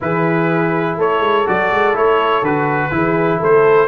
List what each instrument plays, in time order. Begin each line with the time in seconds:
0.00 tuba E3, trombone E4, horn G#4, trumpet B4
0.96 tuba A3, horn A4, trumpet C#5
1.20 tuba G#3
1.45 tuba F#3, trombone F#4, trumpet D5
1.71 tuba G#3
1.93 tuba A3, trombone E4, trumpet C#5
2.42 tuba D3, trombone F#4, trumpet B4
2.91 tuba E3, trombone E4, horn G#4
3.39 tuba A3, horn A4, trumpet C5